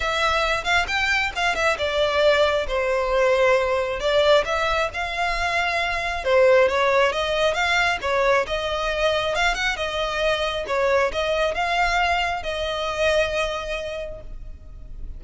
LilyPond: \new Staff \with { instrumentName = "violin" } { \time 4/4 \tempo 4 = 135 e''4. f''8 g''4 f''8 e''8 | d''2 c''2~ | c''4 d''4 e''4 f''4~ | f''2 c''4 cis''4 |
dis''4 f''4 cis''4 dis''4~ | dis''4 f''8 fis''8 dis''2 | cis''4 dis''4 f''2 | dis''1 | }